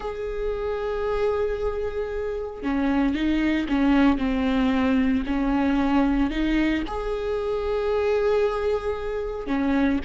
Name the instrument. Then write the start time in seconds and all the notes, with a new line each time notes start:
viola
0.00 G#4
2.62 C#4
3.14 D#4
3.68 C#4
4.18 C4
5.26 C#4
6.30 D#4
6.87 G#4
9.47 C#4